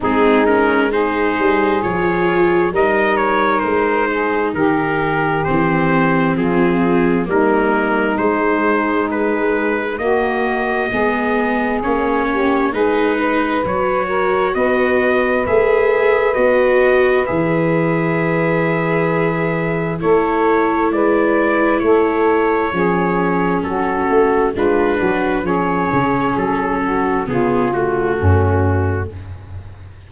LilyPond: <<
  \new Staff \with { instrumentName = "trumpet" } { \time 4/4 \tempo 4 = 66 gis'8 ais'8 c''4 cis''4 dis''8 cis''8 | c''4 ais'4 c''4 gis'4 | ais'4 c''4 b'4 dis''4~ | dis''4 cis''4 b'4 cis''4 |
dis''4 e''4 dis''4 e''4~ | e''2 cis''4 d''4 | cis''2 a'4 b'4 | cis''4 a'4 gis'8 fis'4. | }
  \new Staff \with { instrumentName = "saxophone" } { \time 4/4 dis'4 gis'2 ais'4~ | ais'8 gis'8 g'2 f'4 | dis'2. fis'4 | gis'4. g'8 gis'8 b'4 ais'8 |
b'1~ | b'2 a'4 b'4 | a'4 gis'4 fis'4 f'8 fis'8 | gis'4. fis'8 f'4 cis'4 | }
  \new Staff \with { instrumentName = "viola" } { \time 4/4 c'8 cis'8 dis'4 f'4 dis'4~ | dis'2 c'2 | ais4 gis2 ais4 | b4 cis'4 dis'4 fis'4~ |
fis'4 gis'4 fis'4 gis'4~ | gis'2 e'2~ | e'4 cis'2 d'4 | cis'2 b8 a4. | }
  \new Staff \with { instrumentName = "tuba" } { \time 4/4 gis4. g8 f4 g4 | gis4 dis4 e4 f4 | g4 gis2 ais4 | gis4 ais4 gis4 fis4 |
b4 a4 b4 e4~ | e2 a4 gis4 | a4 f4 fis8 a8 gis8 fis8 | f8 cis8 fis4 cis4 fis,4 | }
>>